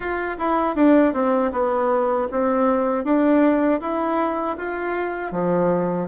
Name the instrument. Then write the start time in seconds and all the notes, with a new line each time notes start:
bassoon
0.00 F4
0.38 E4
0.75 D4
1.13 C4
1.52 B3
2.31 C4
3.04 D4
3.80 E4
4.57 F4
5.31 F3